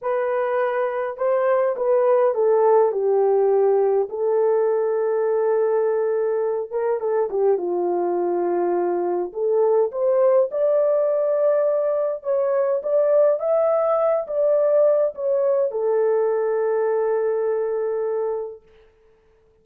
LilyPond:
\new Staff \with { instrumentName = "horn" } { \time 4/4 \tempo 4 = 103 b'2 c''4 b'4 | a'4 g'2 a'4~ | a'2.~ a'8 ais'8 | a'8 g'8 f'2. |
a'4 c''4 d''2~ | d''4 cis''4 d''4 e''4~ | e''8 d''4. cis''4 a'4~ | a'1 | }